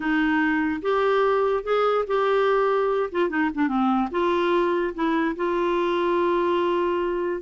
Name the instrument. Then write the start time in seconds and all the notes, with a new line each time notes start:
clarinet
0.00 D#4
0.81 G4
1.63 G#4
2.07 G4
3.11 F4
3.29 D#4
3.54 D4
3.67 C4
4.11 F4
4.94 E4
5.36 F4